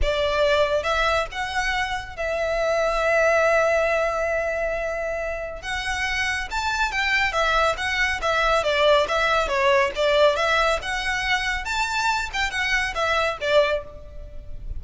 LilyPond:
\new Staff \with { instrumentName = "violin" } { \time 4/4 \tempo 4 = 139 d''2 e''4 fis''4~ | fis''4 e''2.~ | e''1~ | e''4 fis''2 a''4 |
g''4 e''4 fis''4 e''4 | d''4 e''4 cis''4 d''4 | e''4 fis''2 a''4~ | a''8 g''8 fis''4 e''4 d''4 | }